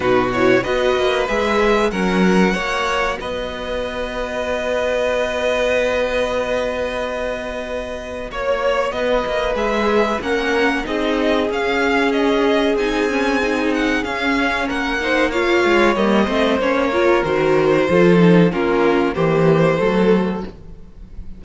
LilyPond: <<
  \new Staff \with { instrumentName = "violin" } { \time 4/4 \tempo 4 = 94 b'8 cis''8 dis''4 e''4 fis''4~ | fis''4 dis''2.~ | dis''1~ | dis''4 cis''4 dis''4 e''4 |
fis''4 dis''4 f''4 dis''4 | gis''4. fis''8 f''4 fis''4 | f''4 dis''4 cis''4 c''4~ | c''4 ais'4 c''2 | }
  \new Staff \with { instrumentName = "violin" } { \time 4/4 fis'4 b'2 ais'4 | cis''4 b'2.~ | b'1~ | b'4 cis''4 b'2 |
ais'4 gis'2.~ | gis'2. ais'8 c''8 | cis''4. c''4 ais'4. | a'4 f'4 g'4 a'4 | }
  \new Staff \with { instrumentName = "viola" } { \time 4/4 dis'8 e'8 fis'4 gis'4 cis'4 | fis'1~ | fis'1~ | fis'2. gis'4 |
cis'4 dis'4 cis'2 | dis'8 cis'8 dis'4 cis'4. dis'8 | f'4 ais8 c'8 cis'8 f'8 fis'4 | f'8 dis'8 cis'4 ais4 a4 | }
  \new Staff \with { instrumentName = "cello" } { \time 4/4 b,4 b8 ais8 gis4 fis4 | ais4 b2.~ | b1~ | b4 ais4 b8 ais8 gis4 |
ais4 c'4 cis'2 | c'2 cis'4 ais4~ | ais8 gis8 g8 a8 ais4 dis4 | f4 ais4 e4 fis4 | }
>>